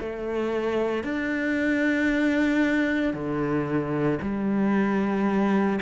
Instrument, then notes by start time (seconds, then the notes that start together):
cello
0.00 A3
1.03 D4
3.13 D3
4.22 G3